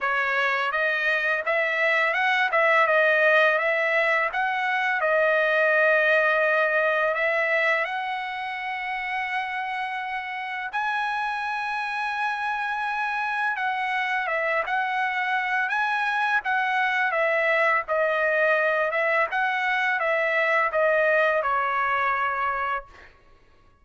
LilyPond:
\new Staff \with { instrumentName = "trumpet" } { \time 4/4 \tempo 4 = 84 cis''4 dis''4 e''4 fis''8 e''8 | dis''4 e''4 fis''4 dis''4~ | dis''2 e''4 fis''4~ | fis''2. gis''4~ |
gis''2. fis''4 | e''8 fis''4. gis''4 fis''4 | e''4 dis''4. e''8 fis''4 | e''4 dis''4 cis''2 | }